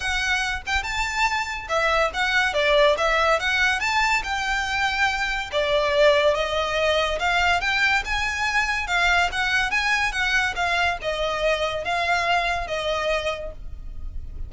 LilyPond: \new Staff \with { instrumentName = "violin" } { \time 4/4 \tempo 4 = 142 fis''4. g''8 a''2 | e''4 fis''4 d''4 e''4 | fis''4 a''4 g''2~ | g''4 d''2 dis''4~ |
dis''4 f''4 g''4 gis''4~ | gis''4 f''4 fis''4 gis''4 | fis''4 f''4 dis''2 | f''2 dis''2 | }